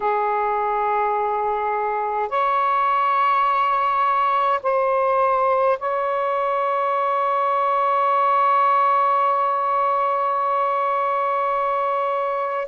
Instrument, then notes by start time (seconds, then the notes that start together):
saxophone
0.00 G#4
2.29 C#5
4.63 C5
5.78 C#5